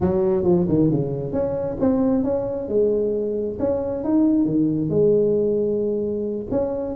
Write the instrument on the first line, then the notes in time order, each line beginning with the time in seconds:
tuba
0.00 F#3
0.43 F3
0.68 D#3
0.91 C#3
1.32 C#4
1.80 C4
2.23 C#4
2.68 G#3
3.59 C#4
4.04 D#4
4.45 D#3
4.89 G#3
6.50 C#4